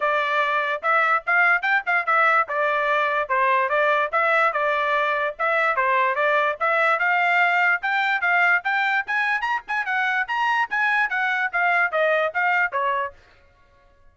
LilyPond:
\new Staff \with { instrumentName = "trumpet" } { \time 4/4 \tempo 4 = 146 d''2 e''4 f''4 | g''8 f''8 e''4 d''2 | c''4 d''4 e''4 d''4~ | d''4 e''4 c''4 d''4 |
e''4 f''2 g''4 | f''4 g''4 gis''4 ais''8 gis''8 | fis''4 ais''4 gis''4 fis''4 | f''4 dis''4 f''4 cis''4 | }